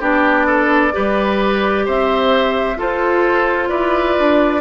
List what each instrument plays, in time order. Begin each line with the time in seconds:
0.00 bassoon B3, clarinet D4, oboe G4, flute D5
0.47 oboe A4
0.92 bassoon G3, clarinet G4, oboe B4
1.85 bassoon C4, oboe C5, flute E5
2.77 bassoon F4, clarinet F4, oboe A4, flute C5
3.69 bassoon E4, oboe B4, flute D5
4.19 bassoon D4